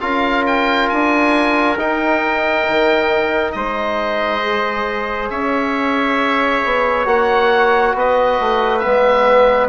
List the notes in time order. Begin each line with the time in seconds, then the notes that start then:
0.00 C#4 F4 A#4 F5
0.47 G5
0.89 D4 G#5
1.76 D#4 G5
2.69 D#3
3.52 G#3 C5 D#5
4.42 G#4
5.30 C#4 C#5 E5
6.65 B3
7.05 A#3 F#4 F#5
7.94 B3 B4 D#5
8.40 A3
8.79 B3 E5
8.85 G#3